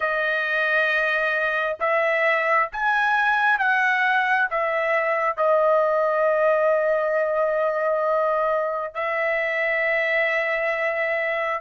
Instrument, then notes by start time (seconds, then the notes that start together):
trumpet
0.00 D#5
1.80 E5
2.72 G#5
3.58 F#5
4.50 E5
5.36 D#5
8.94 E5